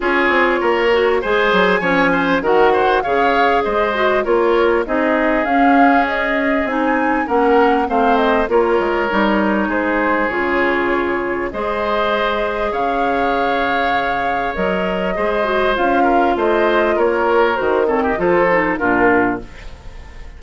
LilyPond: <<
  \new Staff \with { instrumentName = "flute" } { \time 4/4 \tempo 4 = 99 cis''2 gis''2 | fis''4 f''4 dis''4 cis''4 | dis''4 f''4 dis''4 gis''4 | fis''4 f''8 dis''8 cis''2 |
c''4 cis''2 dis''4~ | dis''4 f''2. | dis''2 f''4 dis''4 | cis''4 c''8 cis''16 dis''16 c''4 ais'4 | }
  \new Staff \with { instrumentName = "oboe" } { \time 4/4 gis'4 ais'4 c''4 cis''8 c''8 | ais'8 c''8 cis''4 c''4 ais'4 | gis'1 | ais'4 c''4 ais'2 |
gis'2. c''4~ | c''4 cis''2.~ | cis''4 c''4. ais'8 c''4 | ais'4. a'16 g'16 a'4 f'4 | }
  \new Staff \with { instrumentName = "clarinet" } { \time 4/4 f'4. fis'8 gis'4 cis'4 | fis'4 gis'4. fis'8 f'4 | dis'4 cis'2 dis'4 | cis'4 c'4 f'4 dis'4~ |
dis'4 f'2 gis'4~ | gis'1 | ais'4 gis'8 fis'8 f'2~ | f'4 fis'8 c'8 f'8 dis'8 d'4 | }
  \new Staff \with { instrumentName = "bassoon" } { \time 4/4 cis'8 c'8 ais4 gis8 fis8 f4 | dis4 cis4 gis4 ais4 | c'4 cis'2 c'4 | ais4 a4 ais8 gis8 g4 |
gis4 cis2 gis4~ | gis4 cis2. | fis4 gis4 cis'4 a4 | ais4 dis4 f4 ais,4 | }
>>